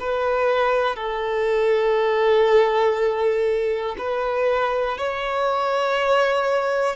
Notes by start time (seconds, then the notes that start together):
0.00 B4
0.96 A4
3.98 B4
4.97 C#5